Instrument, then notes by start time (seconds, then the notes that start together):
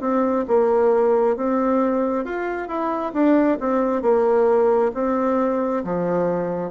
bassoon
0.00 C4
0.48 A#3
1.36 C4
2.25 F4
2.67 E4
3.13 D4
3.60 C4
4.02 A#3
4.94 C4
5.84 F3